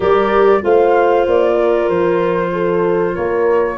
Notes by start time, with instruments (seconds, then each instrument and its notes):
0.00 tuba G3, clarinet G4, horn A#4, flute D5
0.61 tuba A3, clarinet F4, horn C5, flute F5
1.26 tuba A#3, flute D5
1.54 horn A#4
1.89 tuba F3, flute C5
2.52 horn A4
3.14 tuba A#3, horn A#4, flute C#5